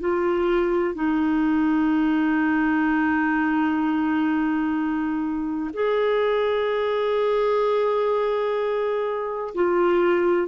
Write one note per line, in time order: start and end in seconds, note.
0.00 0.95 F4
0.95 5.71 D#4
5.74 9.55 G#4
9.55 10.48 F4